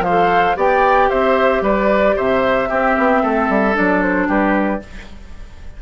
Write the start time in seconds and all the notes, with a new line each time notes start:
0.00 F3 C5 F5
0.09 A4
0.57 B3 G4 D5 G5
1.10 C4 C5 E5
1.62 G3 B4 D5
2.16 C3 C5 E5
2.69 C4 G4
2.98 B3
3.23 A3 A4
3.49 G3
3.73 F#3 D4 D5
4.02 C5
4.28 G3 G4 B4